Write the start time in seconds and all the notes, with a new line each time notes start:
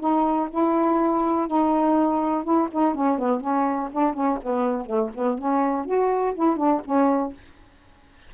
0.00 D#4
0.50 E4
1.48 D#4
2.44 E4
2.72 D#4
2.95 C#4
3.19 B3
3.41 C#4
3.92 D4
4.14 C#4
4.43 B3
4.86 A3
5.15 B3
5.39 C#4
5.86 F#4
6.35 E4
6.57 D4
6.85 C#4